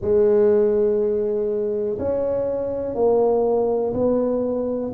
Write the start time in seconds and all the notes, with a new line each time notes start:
0.01 G#3
1.99 C#4
2.94 A#3
3.93 B3